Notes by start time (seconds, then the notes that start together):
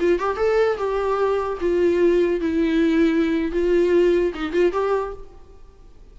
0.00 F4
0.19 G4
0.37 A4
0.77 G4
1.61 F4
2.41 E4
3.52 F4
4.34 D#4
4.53 F4
4.72 G4